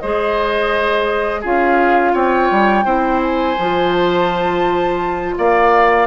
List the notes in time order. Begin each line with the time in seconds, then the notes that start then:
0.00 G#3 G#4 C5 D#5
1.41 C#4 F4 G#4 F5
2.14 C4 C#5 G5
2.51 G3
2.85 C4 E4 C5
3.23 G#5
3.59 F3 F4
3.93 A5
5.37 A#3 D5 F5